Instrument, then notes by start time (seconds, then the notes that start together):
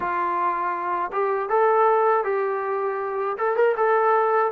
trombone
0.00 F4
1.12 G4
1.49 A4
2.24 G4
3.38 A4
3.56 A#4
3.76 A4